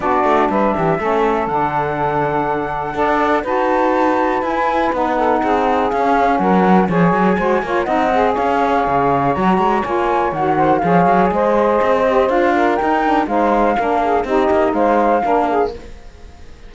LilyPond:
<<
  \new Staff \with { instrumentName = "flute" } { \time 4/4 \tempo 4 = 122 d''4 e''2 fis''4~ | fis''2. a''4~ | a''4 gis''4 fis''2 | f''4 fis''4 gis''2 |
fis''4 f''2 ais''4 | gis''4 fis''4 f''4 dis''4~ | dis''4 f''4 g''4 f''4~ | f''4 dis''4 f''2 | }
  \new Staff \with { instrumentName = "saxophone" } { \time 4/4 fis'4 b'8 g'8 a'2~ | a'2 d''4 b'4~ | b'2~ b'8 a'8 gis'4~ | gis'4 ais'4 cis''4 c''8 cis''8 |
dis''4 cis''2.~ | cis''4. c''8 cis''4 c''4~ | c''4. ais'4. c''4 | ais'8 gis'8 g'4 c''4 ais'8 gis'8 | }
  \new Staff \with { instrumentName = "saxophone" } { \time 4/4 d'2 cis'4 d'4~ | d'2 a'4 fis'4~ | fis'4 e'4 dis'2 | cis'2 gis'4 fis'8 f'8 |
dis'8 gis'2~ gis'8 fis'4 | f'4 fis'4 gis'2~ | gis'8 g'8 f'4 dis'8 d'8 dis'4 | d'4 dis'2 d'4 | }
  \new Staff \with { instrumentName = "cello" } { \time 4/4 b8 a8 g8 e8 a4 d4~ | d2 d'4 dis'4~ | dis'4 e'4 b4 c'4 | cis'4 fis4 f8 fis8 gis8 ais8 |
c'4 cis'4 cis4 fis8 gis8 | ais4 dis4 f8 fis8 gis4 | c'4 d'4 dis'4 gis4 | ais4 c'8 ais8 gis4 ais4 | }
>>